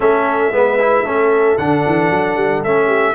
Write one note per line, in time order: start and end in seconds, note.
0.00 0.51 A3
0.00 0.52 C#4
0.00 0.53 A4
0.00 1.57 E5
0.51 1.04 G#3
0.51 0.78 B3
0.51 1.05 B4
0.79 1.05 E4
1.04 1.57 A3
1.04 1.58 C#4
1.04 2.87 A4
1.57 1.84 D3
1.57 2.64 D4
1.57 2.62 F#5
1.86 2.10 E3
2.10 2.36 F#3
2.36 2.62 G3
2.62 3.14 A3
2.62 3.14 C#4
2.62 3.14 E5
2.87 3.13 G4